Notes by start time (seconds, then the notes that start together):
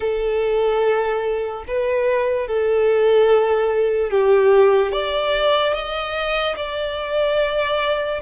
0.00 A4
1.67 B4
2.47 A4
4.11 G4
4.91 D5
5.73 D#5
6.56 D5